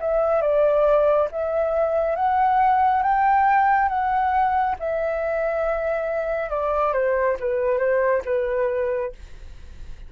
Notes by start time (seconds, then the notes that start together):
0.00 E5
0.41 D5
1.31 E5
2.15 F#5
3.03 G5
3.88 F#5
4.79 E5
6.49 D5
6.93 C5
7.40 B4
7.78 C5
8.25 B4